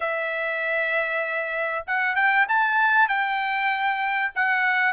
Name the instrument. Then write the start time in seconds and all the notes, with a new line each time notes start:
trumpet
0.00 E5
1.86 F#5
2.15 G5
2.48 A5
3.08 G5
4.35 F#5